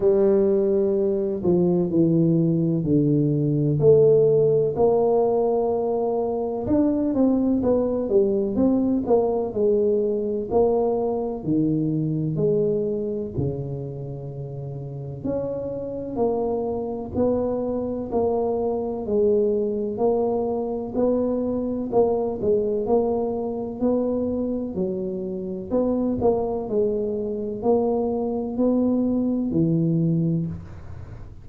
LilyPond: \new Staff \with { instrumentName = "tuba" } { \time 4/4 \tempo 4 = 63 g4. f8 e4 d4 | a4 ais2 d'8 c'8 | b8 g8 c'8 ais8 gis4 ais4 | dis4 gis4 cis2 |
cis'4 ais4 b4 ais4 | gis4 ais4 b4 ais8 gis8 | ais4 b4 fis4 b8 ais8 | gis4 ais4 b4 e4 | }